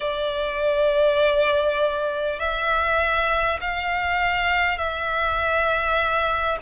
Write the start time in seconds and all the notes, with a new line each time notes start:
0.00 D5
2.39 E5
3.60 F5
4.78 E5